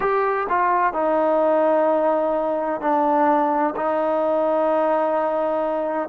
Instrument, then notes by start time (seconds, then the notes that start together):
trombone
0.00 G4
0.49 F4
0.93 D#4
2.80 D4
3.75 D#4